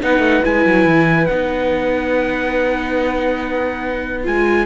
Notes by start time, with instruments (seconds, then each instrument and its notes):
0.00 cello B3, viola D#4, flute B4, trumpet F#5
0.19 cello A3
0.43 cello G#3, viola E4, trumpet G#5
0.66 cello F#3
0.86 cello E3
1.26 cello B3, viola D#4, trumpet F#5
4.23 cello G#3, viola F4, trumpet G#5